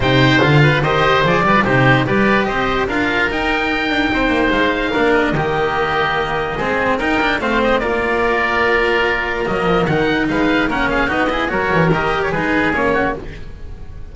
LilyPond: <<
  \new Staff \with { instrumentName = "oboe" } { \time 4/4 \tempo 4 = 146 g''4 f''4 dis''4 d''4 | c''4 d''4 dis''4 f''4 | g''2. f''4~ | f''8 dis''2.~ dis''8~ |
dis''4 g''4 f''8 dis''8 d''4~ | d''2. dis''4 | fis''4 f''4 fis''8 f''8 dis''4 | cis''4 dis''8. cis''16 b'4 cis''4 | }
  \new Staff \with { instrumentName = "oboe" } { \time 4/4 c''4. b'8 c''4. b'8 | g'4 b'4 c''4 ais'4~ | ais'2 c''2 | ais'4 g'2. |
gis'4 ais'4 c''4 ais'4~ | ais'1~ | ais'4 b'4 ais'8 gis'8 fis'8 gis'8 | ais'2 gis'4. fis'8 | }
  \new Staff \with { instrumentName = "cello" } { \time 4/4 dis'4 f'4 g'4 gis'8 g'16 f'16 | dis'4 g'2 f'4 | dis'1 | d'4 ais2. |
c'4 dis'8 d'8 c'4 f'4~ | f'2. ais4 | dis'2 cis'4 dis'8 e'8 | fis'4 g'4 dis'4 cis'4 | }
  \new Staff \with { instrumentName = "double bass" } { \time 4/4 c4 d4 dis4 f8 g8 | c4 g4 c'4 d'4 | dis'4. d'8 c'8 ais8 gis4 | ais4 dis2. |
gis4 dis'4 a4 ais4~ | ais2. fis8 f8 | dis4 gis4 ais4 b4 | fis8 e8 dis4 gis4 ais4 | }
>>